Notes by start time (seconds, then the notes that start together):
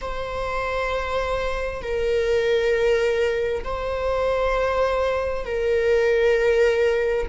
0.01 C5
1.81 A#4
3.64 C5
5.45 A#4